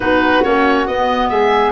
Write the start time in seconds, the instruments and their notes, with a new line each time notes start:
0.00 tuba B3, clarinet D#4, flute F#4, oboe B4
0.43 tuba A#3, clarinet C#4, oboe C#5
0.86 tuba B3, clarinet B3, oboe D#5
1.29 tuba G#3, flute G#4, oboe E5